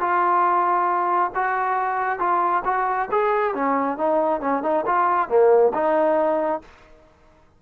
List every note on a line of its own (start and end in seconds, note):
0.00 1.31 F4
1.35 2.19 F#4
2.19 2.63 F4
2.65 3.09 F#4
3.11 3.55 G#4
3.55 3.98 C#4
3.98 4.41 D#4
4.41 4.63 C#4
4.63 4.85 D#4
4.86 5.29 F4
5.29 5.73 A#3
5.74 6.62 D#4